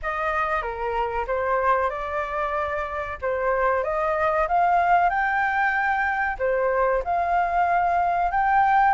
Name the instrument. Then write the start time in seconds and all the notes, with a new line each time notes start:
flute
0.02 D#5
0.62 A#4
1.27 C5
1.90 D5
3.21 C5
3.83 D#5
4.48 F5
5.09 G5
6.38 C5
7.04 F5
8.31 G5